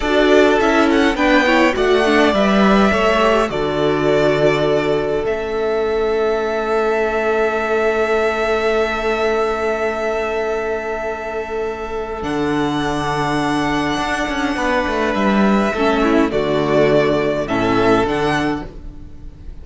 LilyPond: <<
  \new Staff \with { instrumentName = "violin" } { \time 4/4 \tempo 4 = 103 d''4 e''8 fis''8 g''4 fis''4 | e''2 d''2~ | d''4 e''2.~ | e''1~ |
e''1~ | e''4 fis''2.~ | fis''2 e''2 | d''2 e''4 fis''4 | }
  \new Staff \with { instrumentName = "violin" } { \time 4/4 a'2 b'8 cis''8 d''4~ | d''4 cis''4 a'2~ | a'1~ | a'1~ |
a'1~ | a'1~ | a'4 b'2 a'8 e'8 | fis'2 a'2 | }
  \new Staff \with { instrumentName = "viola" } { \time 4/4 fis'4 e'4 d'8 e'8 fis'8 d'8 | b'4 a'8 g'8 fis'2~ | fis'4 cis'2.~ | cis'1~ |
cis'1~ | cis'4 d'2.~ | d'2. cis'4 | a2 cis'4 d'4 | }
  \new Staff \with { instrumentName = "cello" } { \time 4/4 d'4 cis'4 b4 a4 | g4 a4 d2~ | d4 a2.~ | a1~ |
a1~ | a4 d2. | d'8 cis'8 b8 a8 g4 a4 | d2 a,4 d4 | }
>>